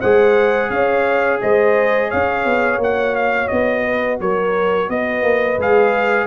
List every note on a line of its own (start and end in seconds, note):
0.00 0.70 G#3
0.00 2.82 G#4
0.00 0.70 C5
0.00 0.70 F#5
0.70 1.40 C#4
0.70 1.40 C#5
0.70 1.40 F5
1.41 2.13 G#3
1.41 2.09 C5
1.41 2.11 D#5
2.09 2.45 C#4
2.09 3.84 C#5
2.09 2.81 F5
2.45 2.78 B3
2.78 3.48 A#3
2.78 5.60 F#4
2.78 3.15 F#5
3.15 3.48 F5
3.48 4.20 B3
3.48 4.18 D#5
3.84 4.19 B4
4.20 4.89 F#3
4.20 4.91 A#4
4.20 4.90 C#5
4.89 5.23 B3
4.89 6.27 B4
4.89 5.60 D#5
5.23 5.58 A#3
5.58 6.27 G#3
5.58 6.27 G#4
5.58 6.27 F5